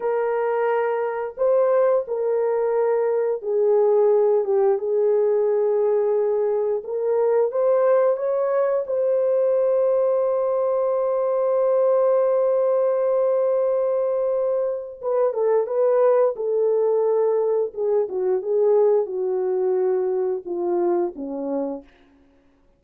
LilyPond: \new Staff \with { instrumentName = "horn" } { \time 4/4 \tempo 4 = 88 ais'2 c''4 ais'4~ | ais'4 gis'4. g'8 gis'4~ | gis'2 ais'4 c''4 | cis''4 c''2.~ |
c''1~ | c''2 b'8 a'8 b'4 | a'2 gis'8 fis'8 gis'4 | fis'2 f'4 cis'4 | }